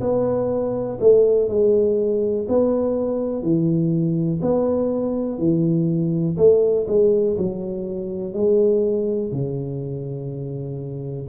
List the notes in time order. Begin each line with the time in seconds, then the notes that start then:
0.00 B3
1.00 A3
1.48 G#3
2.48 B3
3.42 E3
4.41 B3
5.38 E3
6.37 A3
6.88 G#3
7.38 F#3
8.33 G#3
9.32 C#3